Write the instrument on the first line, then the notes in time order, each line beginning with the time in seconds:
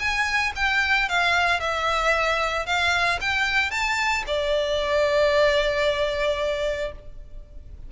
violin
0.00 G#5
0.56 G5
1.09 F5
1.60 E5
2.66 F5
3.21 G5
3.71 A5
4.27 D5